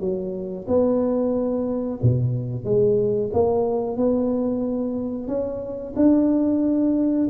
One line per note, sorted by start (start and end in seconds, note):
0.00 0.66 F#3
0.67 1.99 B3
2.02 2.64 B2
2.64 3.30 G#3
3.33 3.97 A#3
3.97 5.27 B3
5.27 5.93 C#4
5.96 7.28 D4